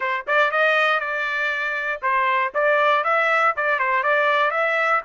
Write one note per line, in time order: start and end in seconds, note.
0.00 0.25 C5
0.27 0.51 D5
0.51 0.99 D#5
0.99 2.00 D5
2.02 2.52 C5
2.54 3.04 D5
3.04 3.54 E5
3.56 3.79 D5
3.79 4.03 C5
4.03 4.50 D5
4.50 5.01 E5